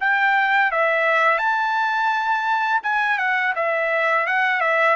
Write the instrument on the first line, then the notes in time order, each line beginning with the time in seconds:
trumpet
0.00 G5
0.71 E5
1.38 A5
2.83 G#5
3.18 F#5
3.55 E5
4.26 F#5
4.60 E5